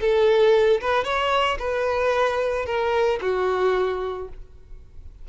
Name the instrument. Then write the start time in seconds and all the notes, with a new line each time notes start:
violin
0.00 A4
0.81 B4
1.04 C#5
1.59 B4
2.66 A#4
3.21 F#4